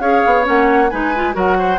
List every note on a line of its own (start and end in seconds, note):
0.00 0.22 C#4
0.00 0.44 G#4
0.00 0.91 C#5
0.00 0.45 F5
0.26 0.48 B3
0.44 0.93 A#3
0.44 0.88 C#4
0.44 0.90 F#5
0.90 1.35 G#3
0.90 1.14 D#4
0.90 1.35 B4
0.90 1.35 G#5
1.16 1.33 F4
1.33 1.80 F#3
1.33 1.78 F#4
1.33 1.58 A#4
1.33 1.80 F#5
1.59 1.80 C5